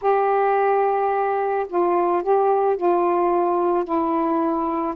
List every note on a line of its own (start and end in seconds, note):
0.01 1.66 G4
1.68 2.22 F4
2.22 2.76 G4
2.76 3.84 F4
3.84 4.94 E4